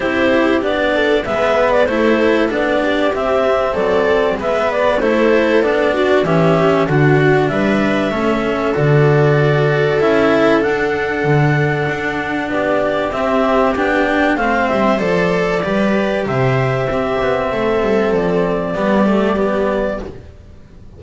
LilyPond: <<
  \new Staff \with { instrumentName = "clarinet" } { \time 4/4 \tempo 4 = 96 c''4 d''4 e''8. d''16 c''4 | d''4 e''4 d''4 e''8 d''8 | c''4 d''4 e''4 fis''4 | e''2 d''2 |
e''4 fis''2. | d''4 e''4 g''4 f''8 e''8 | d''2 e''2~ | e''4 d''2. | }
  \new Staff \with { instrumentName = "viola" } { \time 4/4 g'4. a'8 b'4 a'4~ | a'8 g'4. a'4 b'4 | a'4. fis'8 g'4 fis'4 | b'4 a'2.~ |
a'1 | g'2. c''4~ | c''4 b'4 c''4 g'4 | a'2 g'2 | }
  \new Staff \with { instrumentName = "cello" } { \time 4/4 e'4 d'4 b4 e'4 | d'4 c'2 b4 | e'4 d'4 cis'4 d'4~ | d'4 cis'4 fis'2 |
e'4 d'2.~ | d'4 c'4 d'4 c'4 | a'4 g'2 c'4~ | c'2 b8 a8 b4 | }
  \new Staff \with { instrumentName = "double bass" } { \time 4/4 c'4 b4 gis4 a4 | b4 c'4 fis4 gis4 | a4 b4 e4 d4 | g4 a4 d2 |
cis'4 d'4 d4 d'4 | b4 c'4 b4 a8 g8 | f4 g4 c4 c'8 b8 | a8 g8 f4 g2 | }
>>